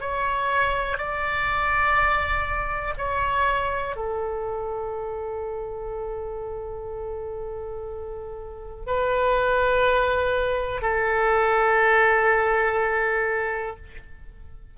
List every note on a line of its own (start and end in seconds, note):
0.00 0.97 C#5
0.97 2.94 D5
2.97 3.96 C#5
3.96 8.86 A4
8.86 10.81 B4
10.81 13.76 A4